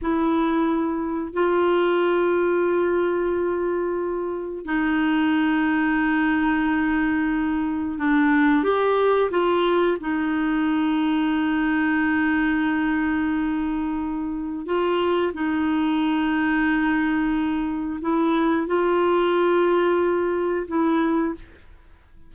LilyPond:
\new Staff \with { instrumentName = "clarinet" } { \time 4/4 \tempo 4 = 90 e'2 f'2~ | f'2. dis'4~ | dis'1 | d'4 g'4 f'4 dis'4~ |
dis'1~ | dis'2 f'4 dis'4~ | dis'2. e'4 | f'2. e'4 | }